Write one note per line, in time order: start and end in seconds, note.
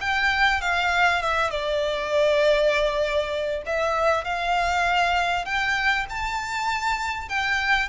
0.00 0.61 G5
0.61 1.21 F5
1.21 1.50 E5
1.50 3.62 D5
3.66 4.24 E5
4.24 5.45 F5
5.45 6.06 G5
6.09 7.28 A5
7.28 7.88 G5